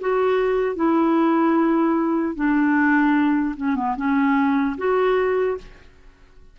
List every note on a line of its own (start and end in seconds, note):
0.00 0.75 F#4
0.75 2.35 E4
2.35 3.55 D4
3.56 3.75 C#4
3.75 3.95 B3
3.96 4.76 C#4
4.77 5.57 F#4